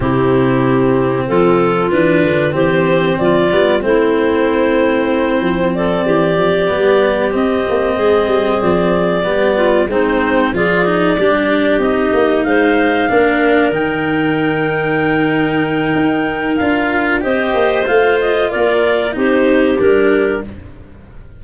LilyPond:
<<
  \new Staff \with { instrumentName = "clarinet" } { \time 4/4 \tempo 4 = 94 g'2 a'4 b'4 | c''4 d''4 c''2~ | c''4 d''2~ d''8 dis''8~ | dis''4. d''2 c''8~ |
c''8 d''2 dis''4 f''8~ | f''4. g''2~ g''8~ | g''2 f''4 dis''4 | f''8 dis''8 d''4 c''4 ais'4 | }
  \new Staff \with { instrumentName = "clarinet" } { \time 4/4 e'2 f'2 | g'4 f'4 e'2~ | e'4 a'8 g'2~ g'8~ | g'8 gis'2 g'8 f'8 dis'8~ |
dis'8 gis'4 g'2 c''8~ | c''8 ais'2.~ ais'8~ | ais'2. c''4~ | c''4 ais'4 g'2 | }
  \new Staff \with { instrumentName = "cello" } { \time 4/4 c'2. d'4 | c'4. b8 c'2~ | c'2~ c'8 b4 c'8~ | c'2~ c'8 b4 c'8~ |
c'8 f'8 dis'8 d'4 dis'4.~ | dis'8 d'4 dis'2~ dis'8~ | dis'2 f'4 g'4 | f'2 dis'4 d'4 | }
  \new Staff \with { instrumentName = "tuba" } { \time 4/4 c2 f4 e8 d8 | e4 f8 g8 a2~ | a8 f4 e8 f8 g4 c'8 | ais8 gis8 g8 f4 g4 gis8~ |
gis8 f4 g4 c'8 ais8 gis8~ | gis8 ais4 dis2~ dis8~ | dis4 dis'4 d'4 c'8 ais8 | a4 ais4 c'4 g4 | }
>>